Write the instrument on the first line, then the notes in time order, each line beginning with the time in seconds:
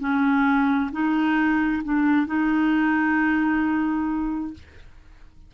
clarinet
0.00 C#4
0.92 D#4
1.84 D4
2.27 D#4